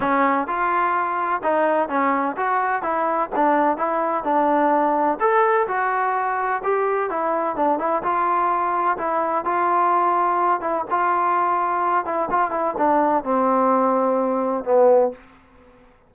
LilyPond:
\new Staff \with { instrumentName = "trombone" } { \time 4/4 \tempo 4 = 127 cis'4 f'2 dis'4 | cis'4 fis'4 e'4 d'4 | e'4 d'2 a'4 | fis'2 g'4 e'4 |
d'8 e'8 f'2 e'4 | f'2~ f'8 e'8 f'4~ | f'4. e'8 f'8 e'8 d'4 | c'2. b4 | }